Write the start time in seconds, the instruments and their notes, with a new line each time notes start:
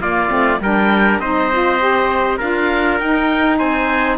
0.00 cello A#3, saxophone A#3, trumpet F4, oboe D5
0.29 cello A3, saxophone C4
0.60 cello G3, saxophone D4, trumpet A#4, oboe G5
1.19 cello C4, saxophone D#4, trumpet C5, oboe D#5
1.52 saxophone F4
1.79 saxophone G4
2.37 cello D4, saxophone F4, trumpet A#4, oboe F5
2.99 cello D#4, saxophone D#4, oboe G5
3.58 cello C4, trumpet C5, oboe G#5